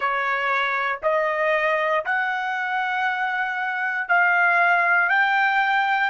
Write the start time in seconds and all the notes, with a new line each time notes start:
0.00 C#5
1.03 D#5
2.05 F#5
4.08 F5
5.08 G5